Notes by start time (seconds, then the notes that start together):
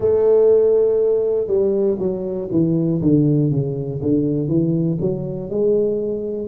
0.00 A3
1.47 G3
1.98 F#3
2.51 E3
3.01 D3
3.50 C#3
4.02 D3
4.47 E3
5.00 F#3
5.50 G#3